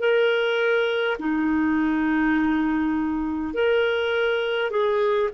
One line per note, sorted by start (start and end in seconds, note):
0.00 1.18 A#4
1.19 3.54 D#4
3.54 4.71 A#4
4.71 5.29 G#4